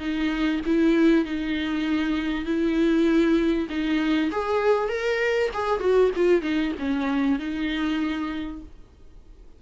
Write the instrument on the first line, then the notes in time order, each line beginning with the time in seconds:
viola
0.00 D#4
0.67 E4
1.26 D#4
2.46 E4
3.70 D#4
4.32 G#4
4.89 A#4
5.54 G#4
5.81 F#4
6.16 F4
6.42 D#4
6.80 C#4
7.40 D#4